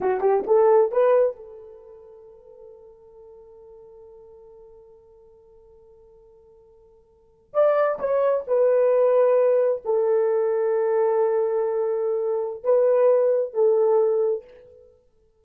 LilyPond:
\new Staff \with { instrumentName = "horn" } { \time 4/4 \tempo 4 = 133 fis'8 g'8 a'4 b'4 a'4~ | a'1~ | a'1~ | a'1~ |
a'8. d''4 cis''4 b'4~ b'16~ | b'4.~ b'16 a'2~ a'16~ | a'1 | b'2 a'2 | }